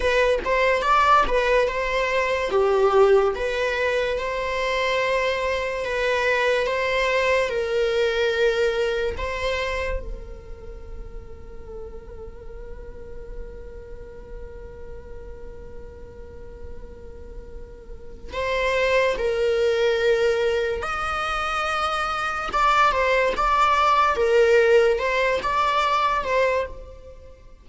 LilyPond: \new Staff \with { instrumentName = "viola" } { \time 4/4 \tempo 4 = 72 b'8 c''8 d''8 b'8 c''4 g'4 | b'4 c''2 b'4 | c''4 ais'2 c''4 | ais'1~ |
ais'1~ | ais'2 c''4 ais'4~ | ais'4 dis''2 d''8 c''8 | d''4 ais'4 c''8 d''4 c''8 | }